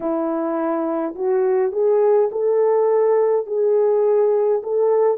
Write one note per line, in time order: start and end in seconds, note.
0.00 1.14 E4
1.15 1.72 F#4
1.72 2.29 G#4
2.31 3.46 A4
3.46 4.62 G#4
4.62 5.17 A4